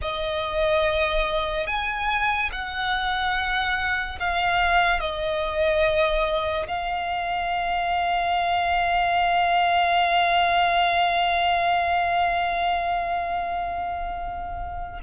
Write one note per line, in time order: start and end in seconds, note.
0.02 1.66 D#5
1.66 2.50 G#5
2.52 4.19 F#5
4.19 5.00 F5
5.00 6.67 D#5
6.67 15.00 F5